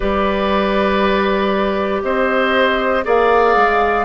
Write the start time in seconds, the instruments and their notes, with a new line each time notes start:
0.00 bassoon G3, clarinet G4, oboe B4, flute D5
2.03 bassoon C4, oboe C5, flute D#5
3.04 bassoon A#3, clarinet G#4, oboe D5, flute F5
3.56 bassoon G#3